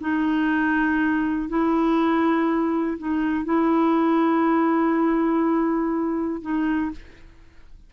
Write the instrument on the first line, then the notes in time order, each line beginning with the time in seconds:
clarinet
0.00 D#4
1.49 E4
2.98 D#4
3.44 E4
6.41 D#4